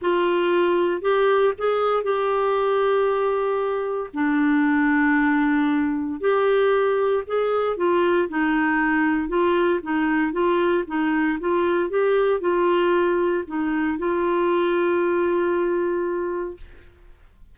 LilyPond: \new Staff \with { instrumentName = "clarinet" } { \time 4/4 \tempo 4 = 116 f'2 g'4 gis'4 | g'1 | d'1 | g'2 gis'4 f'4 |
dis'2 f'4 dis'4 | f'4 dis'4 f'4 g'4 | f'2 dis'4 f'4~ | f'1 | }